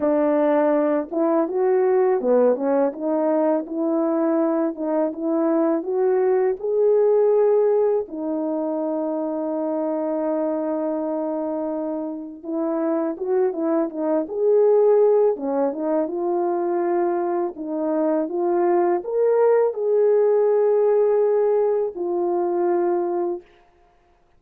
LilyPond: \new Staff \with { instrumentName = "horn" } { \time 4/4 \tempo 4 = 82 d'4. e'8 fis'4 b8 cis'8 | dis'4 e'4. dis'8 e'4 | fis'4 gis'2 dis'4~ | dis'1~ |
dis'4 e'4 fis'8 e'8 dis'8 gis'8~ | gis'4 cis'8 dis'8 f'2 | dis'4 f'4 ais'4 gis'4~ | gis'2 f'2 | }